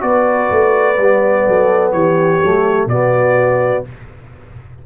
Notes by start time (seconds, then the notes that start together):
0.00 B3 F#4 B4 D5
0.51 A3
0.98 G3 B3
1.47 F#3 A4
1.92 E3 G4 C#5
2.43 F#3 A3
2.86 B2 B3 F#4 D5